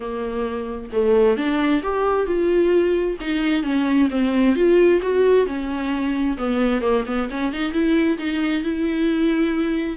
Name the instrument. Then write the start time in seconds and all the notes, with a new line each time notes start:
viola
0.00 A#3
0.92 A3
1.37 D4
1.82 G4
2.26 F4
3.20 D#4
3.63 C#4
4.10 C4
4.55 F4
5.02 F#4
5.46 C#4
6.37 B3
6.81 A#3
7.06 B3
7.30 C#4
7.52 D#4
7.72 E4
8.18 D#4
8.63 E4